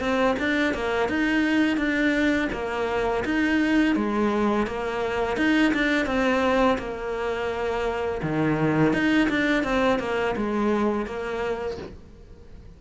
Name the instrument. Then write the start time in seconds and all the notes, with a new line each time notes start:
cello
0.00 C4
0.39 D4
0.74 A#3
1.09 D#4
1.77 D4
2.53 A#3
3.25 D#4
3.95 G#3
4.67 A#3
5.37 D#4
5.73 D4
6.06 C4
6.79 A#3
8.23 D#3
8.93 D#4
9.29 D4
9.64 C4
9.99 A#3
10.36 G#3
11.06 A#3